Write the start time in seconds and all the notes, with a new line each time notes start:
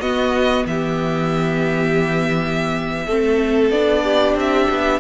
0.00 B3 F#4 D#5
0.66 E3 G4 E5
3.07 A3 C4 A4
3.70 B3 D4 D5
4.04 G4
4.35 C4 E5
4.70 B3